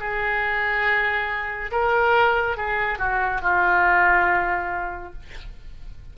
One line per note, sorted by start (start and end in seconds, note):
0.00 1.71 G#4
1.72 2.58 A#4
2.58 2.99 G#4
2.99 3.42 F#4
3.42 5.14 F4